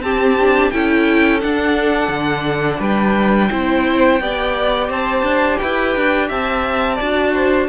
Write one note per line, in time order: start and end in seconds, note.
0.00 0.70 C4
0.00 0.37 C4
0.00 0.74 G4
0.00 0.71 A5
0.40 0.73 D4
0.71 1.44 C#4
0.71 1.41 E4
0.71 2.80 A4
0.71 1.41 G5
1.41 3.50 D4
1.41 2.09 D4
1.41 2.81 F#5
2.09 2.78 D3
2.80 3.50 G3
2.80 3.50 B4
2.80 4.92 G5
3.51 4.21 C4
3.51 4.21 E4
3.51 4.22 C5
4.21 4.90 B3
4.21 7.01 G4
4.21 4.90 D5
4.90 5.23 C4
4.90 5.60 C5
4.90 5.59 A5
5.23 5.58 D4
5.59 5.96 E4
5.59 6.29 B4
5.59 6.28 G5
5.96 6.30 D4
6.29 7.00 C4
6.29 6.96 E5
6.29 7.69 A5
6.96 7.69 D4
6.96 7.31 D5
7.03 7.69 F#4
7.34 7.69 C5